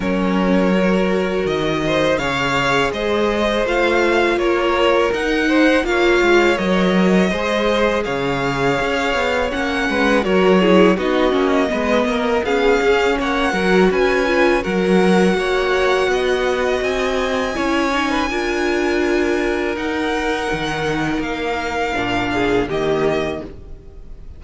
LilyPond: <<
  \new Staff \with { instrumentName = "violin" } { \time 4/4 \tempo 4 = 82 cis''2 dis''4 f''4 | dis''4 f''4 cis''4 fis''4 | f''4 dis''2 f''4~ | f''4 fis''4 cis''4 dis''4~ |
dis''4 f''4 fis''4 gis''4 | fis''2. gis''4~ | gis''2. fis''4~ | fis''4 f''2 dis''4 | }
  \new Staff \with { instrumentName = "violin" } { \time 4/4 ais'2~ ais'8 c''8 cis''4 | c''2 ais'4. c''8 | cis''2 c''4 cis''4~ | cis''4. b'8 ais'8 gis'8 fis'4 |
b'8 ais'8 gis'4 cis''8 ais'8 b'4 | ais'4 cis''4 dis''2 | cis''8. b'16 ais'2.~ | ais'2~ ais'8 gis'8 g'4 | }
  \new Staff \with { instrumentName = "viola" } { \time 4/4 cis'4 fis'2 gis'4~ | gis'4 f'2 dis'4 | f'4 ais'4 gis'2~ | gis'4 cis'4 fis'8 e'8 dis'8 cis'8 |
b4 cis'4. fis'4 f'8 | fis'1 | e'8 dis'8 f'2 dis'4~ | dis'2 d'4 ais4 | }
  \new Staff \with { instrumentName = "cello" } { \time 4/4 fis2 dis4 cis4 | gis4 a4 ais4 dis'4 | ais8 gis8 fis4 gis4 cis4 | cis'8 b8 ais8 gis8 fis4 b8 ais8 |
gis8 ais8 b8 cis'8 ais8 fis8 cis'4 | fis4 ais4 b4 c'4 | cis'4 d'2 dis'4 | dis4 ais4 ais,4 dis4 | }
>>